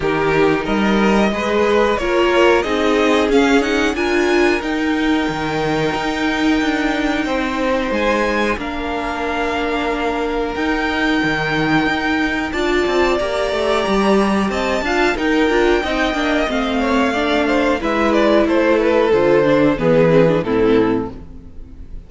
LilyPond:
<<
  \new Staff \with { instrumentName = "violin" } { \time 4/4 \tempo 4 = 91 ais'4 dis''2 cis''4 | dis''4 f''8 fis''8 gis''4 g''4~ | g''1 | gis''4 f''2. |
g''2. a''4 | ais''2 a''4 g''4~ | g''4 f''2 e''8 d''8 | c''8 b'8 c''4 b'4 a'4 | }
  \new Staff \with { instrumentName = "violin" } { \time 4/4 g'4 ais'4 b'4 ais'4 | gis'2 ais'2~ | ais'2. c''4~ | c''4 ais'2.~ |
ais'2. d''4~ | d''2 dis''8 f''8 ais'4 | dis''4. cis''8 d''8 c''8 b'4 | a'2 gis'4 e'4 | }
  \new Staff \with { instrumentName = "viola" } { \time 4/4 dis'2 gis'4 f'4 | dis'4 cis'8 dis'8 f'4 dis'4~ | dis'1~ | dis'4 d'2. |
dis'2. f'4 | g'2~ g'8 f'8 dis'8 f'8 | dis'8 d'8 c'4 d'4 e'4~ | e'4 f'8 d'8 b8 c'16 d'16 c'4 | }
  \new Staff \with { instrumentName = "cello" } { \time 4/4 dis4 g4 gis4 ais4 | c'4 cis'4 d'4 dis'4 | dis4 dis'4 d'4 c'4 | gis4 ais2. |
dis'4 dis4 dis'4 d'8 c'8 | ais8 a8 g4 c'8 d'8 dis'8 d'8 | c'8 ais8 a2 gis4 | a4 d4 e4 a,4 | }
>>